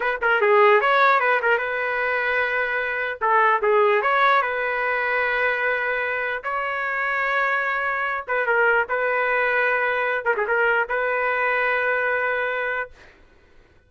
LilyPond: \new Staff \with { instrumentName = "trumpet" } { \time 4/4 \tempo 4 = 149 b'8 ais'8 gis'4 cis''4 b'8 ais'8 | b'1 | a'4 gis'4 cis''4 b'4~ | b'1 |
cis''1~ | cis''8 b'8 ais'4 b'2~ | b'4. ais'16 gis'16 ais'4 b'4~ | b'1 | }